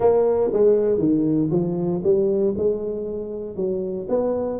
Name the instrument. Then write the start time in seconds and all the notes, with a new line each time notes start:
tuba
0.00 A#3
0.52 G#3
0.98 D#3
1.50 F3
2.03 G3
2.57 G#3
3.56 F#3
4.08 B3